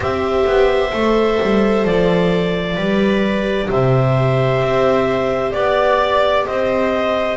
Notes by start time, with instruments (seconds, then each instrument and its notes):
0.00 double bass C4, viola G4 C5, clarinet E5
0.46 double bass B3
0.92 double bass A3, viola A4
1.42 double bass G3
1.85 double bass F3, clarinet D5
2.75 double bass G3, viola G4 B4
3.70 double bass C3, viola C5, clarinet E5
4.61 double bass C4
5.51 double bass B3, clarinet D5, viola D5
6.45 double bass C4, viola C5, clarinet D#5